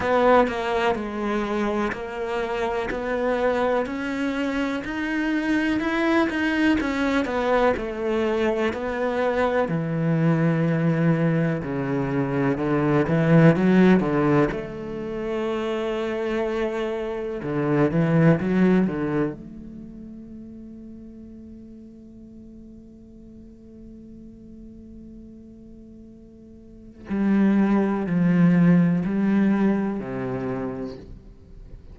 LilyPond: \new Staff \with { instrumentName = "cello" } { \time 4/4 \tempo 4 = 62 b8 ais8 gis4 ais4 b4 | cis'4 dis'4 e'8 dis'8 cis'8 b8 | a4 b4 e2 | cis4 d8 e8 fis8 d8 a4~ |
a2 d8 e8 fis8 d8 | a1~ | a1 | g4 f4 g4 c4 | }